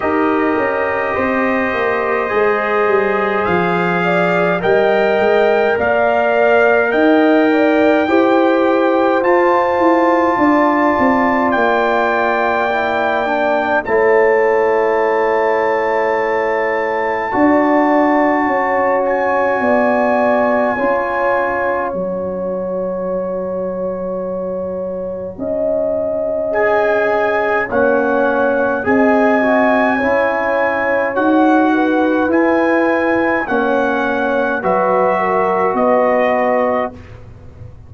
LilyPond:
<<
  \new Staff \with { instrumentName = "trumpet" } { \time 4/4 \tempo 4 = 52 dis''2. f''4 | g''4 f''4 g''2 | a''2 g''2 | a''1~ |
a''8 gis''2~ gis''8 ais''4~ | ais''2. gis''4 | fis''4 gis''2 fis''4 | gis''4 fis''4 e''4 dis''4 | }
  \new Staff \with { instrumentName = "horn" } { \time 4/4 ais'4 c''2~ c''8 d''8 | dis''4 d''4 dis''8 d''8 c''4~ | c''4 d''2. | cis''2. d''4 |
cis''4 d''4 cis''2~ | cis''2 dis''2 | cis''4 dis''4 cis''4. b'8~ | b'4 cis''4 b'8 ais'8 b'4 | }
  \new Staff \with { instrumentName = "trombone" } { \time 4/4 g'2 gis'2 | ais'2. g'4 | f'2. e'8 d'8 | e'2. fis'4~ |
fis'2 f'4 fis'4~ | fis'2. gis'4 | cis'4 gis'8 fis'8 e'4 fis'4 | e'4 cis'4 fis'2 | }
  \new Staff \with { instrumentName = "tuba" } { \time 4/4 dis'8 cis'8 c'8 ais8 gis8 g8 f4 | g8 gis8 ais4 dis'4 e'4 | f'8 e'8 d'8 c'8 ais2 | a2. d'4 |
cis'4 b4 cis'4 fis4~ | fis2 cis'2 | ais4 c'4 cis'4 dis'4 | e'4 ais4 fis4 b4 | }
>>